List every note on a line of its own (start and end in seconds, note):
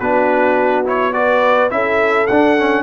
0.00 1.72 B3
0.00 0.85 D4
0.00 1.15 F#4
0.00 0.86 B4
0.85 1.13 E4
0.85 1.13 C#5
1.13 1.70 F#4
1.13 1.74 B4
1.13 1.71 D5
1.70 2.29 C#4
1.70 2.27 E4
1.70 2.84 A4
1.70 2.27 E5
2.27 2.84 D4
2.27 2.58 D4
2.27 2.84 F#5
2.58 2.84 C#4